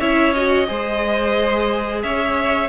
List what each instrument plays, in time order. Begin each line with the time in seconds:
0.00 cello C#4, viola E4, violin C#5 E5
0.34 viola F#4, violin D#5
0.67 cello G#3, viola G#4, violin C5
2.03 cello C#4, violin C#5 E5